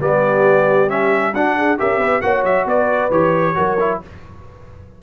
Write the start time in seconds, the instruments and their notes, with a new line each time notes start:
0.00 tuba G3, trombone B3, horn G4, trumpet D5
0.88 trombone C#4, trumpet E5
1.33 tuba D4, trombone D4, horn F#4, trumpet F#5
1.56 horn G#4
1.77 tuba C#4, trombone G4, horn A#4, trumpet E5
1.98 tuba B3, horn B4
2.21 tuba A#3, trombone F#4, horn C#5, trumpet F#5
2.43 tuba F#3, trumpet E5
2.65 tuba B3, horn B4, trumpet D5
3.10 tuba E3, trombone G4, trumpet C#5
3.55 tuba F#3, trombone F#4, horn A#4
3.79 trombone E4